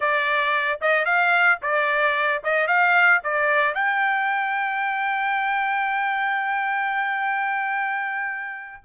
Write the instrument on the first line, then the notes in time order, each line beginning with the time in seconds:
trumpet
0.00 D5
0.81 D#5
1.05 F5
1.62 D5
2.43 D#5
2.67 F5
3.23 D5
3.74 G5